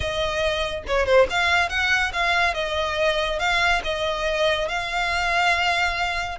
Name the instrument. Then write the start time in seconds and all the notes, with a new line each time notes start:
violin
0.00 D#5
0.87 C#5
1.05 C5
1.29 F5
1.69 F#5
2.12 F5
2.54 D#5
3.39 F5
3.83 D#5
4.68 F5